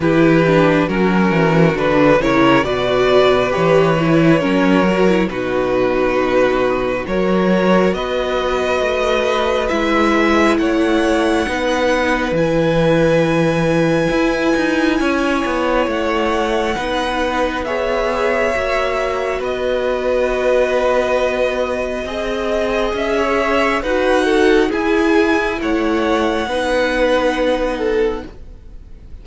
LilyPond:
<<
  \new Staff \with { instrumentName = "violin" } { \time 4/4 \tempo 4 = 68 b'4 ais'4 b'8 cis''8 d''4 | cis''2 b'2 | cis''4 dis''2 e''4 | fis''2 gis''2~ |
gis''2 fis''2 | e''2 dis''2~ | dis''2 e''4 fis''4 | gis''4 fis''2. | }
  \new Staff \with { instrumentName = "violin" } { \time 4/4 g'4 fis'4. ais'8 b'4~ | b'4 ais'4 fis'2 | ais'4 b'2. | cis''4 b'2.~ |
b'4 cis''2 b'4 | cis''2 b'2~ | b'4 dis''4~ dis''16 cis''8. b'8 a'8 | gis'4 cis''4 b'4. a'8 | }
  \new Staff \with { instrumentName = "viola" } { \time 4/4 e'8 d'8 cis'4 d'8 e'8 fis'4 | g'8 e'8 cis'8 fis'16 e'16 dis'2 | fis'2. e'4~ | e'4 dis'4 e'2~ |
e'2. dis'4 | gis'4 fis'2.~ | fis'4 gis'2 fis'4 | e'2 dis'2 | }
  \new Staff \with { instrumentName = "cello" } { \time 4/4 e4 fis8 e8 d8 cis8 b,4 | e4 fis4 b,2 | fis4 b4 a4 gis4 | a4 b4 e2 |
e'8 dis'8 cis'8 b8 a4 b4~ | b4 ais4 b2~ | b4 c'4 cis'4 dis'4 | e'4 a4 b2 | }
>>